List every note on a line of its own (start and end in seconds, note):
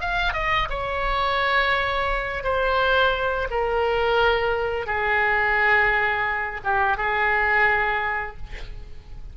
0.00 0.33 F5
0.33 0.68 D#5
0.69 2.43 C#5
2.43 3.48 C5
3.50 4.86 A#4
4.86 6.61 G#4
6.64 6.97 G4
6.97 8.36 G#4